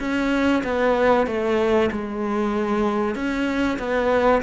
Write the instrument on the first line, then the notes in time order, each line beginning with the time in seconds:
cello
0.00 C#4
0.64 B3
1.27 A3
1.92 G#3
3.15 C#4
3.79 B3